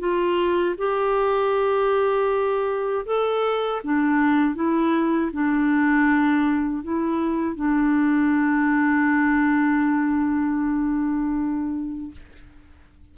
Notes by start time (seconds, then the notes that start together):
0.00 F4
0.78 G4
3.06 A4
3.84 D4
4.55 E4
5.33 D4
6.84 E4
7.56 D4